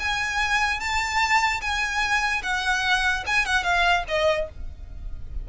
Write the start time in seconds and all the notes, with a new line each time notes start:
0.00 G#5
0.80 A5
1.61 G#5
2.43 F#5
3.27 G#5
3.46 F#5
3.64 F5
4.08 D#5